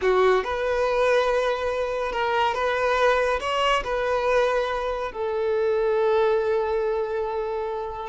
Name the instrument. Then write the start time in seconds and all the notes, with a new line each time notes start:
violin
0.01 F#4
0.44 B4
2.11 A#4
2.54 B4
3.40 C#5
3.84 B4
5.12 A4